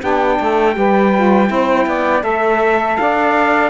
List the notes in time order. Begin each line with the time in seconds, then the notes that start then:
0.00 B3 D4 G4 G5
0.40 A3 A4
0.73 G3 G4 B4
1.17 F4
1.46 C4 E4 C5
1.86 B3 D5
2.23 A3 A4 E5
2.97 D4 D5 F5